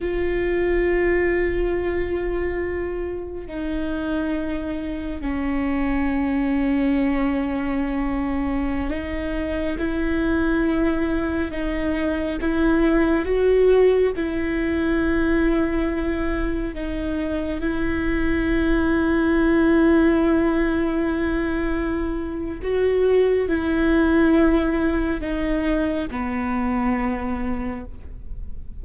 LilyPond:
\new Staff \with { instrumentName = "viola" } { \time 4/4 \tempo 4 = 69 f'1 | dis'2 cis'2~ | cis'2~ cis'16 dis'4 e'8.~ | e'4~ e'16 dis'4 e'4 fis'8.~ |
fis'16 e'2. dis'8.~ | dis'16 e'2.~ e'8.~ | e'2 fis'4 e'4~ | e'4 dis'4 b2 | }